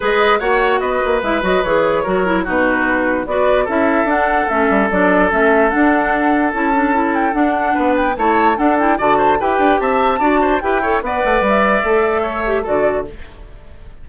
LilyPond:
<<
  \new Staff \with { instrumentName = "flute" } { \time 4/4 \tempo 4 = 147 dis''4 fis''4 dis''4 e''8 dis''8 | cis''2 b'2 | d''4 e''4 fis''4 e''4 | d''4 e''4 fis''2 |
a''4. g''8 fis''4. g''8 | a''4 fis''8 g''8 a''4 g''4 | a''2 g''4 fis''4 | e''2. d''4 | }
  \new Staff \with { instrumentName = "oboe" } { \time 4/4 b'4 cis''4 b'2~ | b'4 ais'4 fis'2 | b'4 a'2.~ | a'1~ |
a'2. b'4 | cis''4 a'4 d''8 c''8 b'4 | e''4 d''8 c''8 b'8 cis''8 d''4~ | d''2 cis''4 a'4 | }
  \new Staff \with { instrumentName = "clarinet" } { \time 4/4 gis'4 fis'2 e'8 fis'8 | gis'4 fis'8 e'8 dis'2 | fis'4 e'4 d'4 cis'4 | d'4 cis'4 d'2 |
e'8 d'8 e'4 d'2 | e'4 d'8 e'8 fis'4 g'4~ | g'4 fis'4 g'8 a'8 b'4~ | b'4 a'4. g'8 fis'4 | }
  \new Staff \with { instrumentName = "bassoon" } { \time 4/4 gis4 ais4 b8 ais8 gis8 fis8 | e4 fis4 b,2 | b4 cis'4 d'4 a8 g8 | fis4 a4 d'2 |
cis'2 d'4 b4 | a4 d'4 d4 e'8 d'8 | c'4 d'4 e'4 b8 a8 | g4 a2 d4 | }
>>